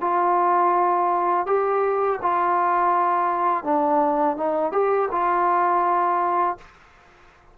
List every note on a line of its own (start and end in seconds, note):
0.00 1.46 F4
1.46 2.19 G4
2.22 3.64 F4
3.64 4.36 D4
4.36 4.72 D#4
4.72 5.09 G4
5.11 6.57 F4